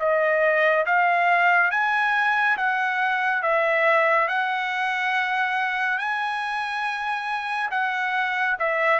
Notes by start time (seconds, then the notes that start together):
0.00 D#5
0.86 F5
1.71 G#5
2.58 F#5
3.43 E5
4.29 F#5
5.99 G#5
7.71 F#5
8.59 E5